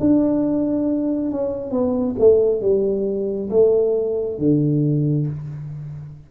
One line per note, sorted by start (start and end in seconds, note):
0.00 1.32 D4
1.32 1.71 C#4
1.71 2.15 B3
2.19 2.61 A3
2.61 3.50 G3
3.50 4.38 A3
4.39 5.27 D3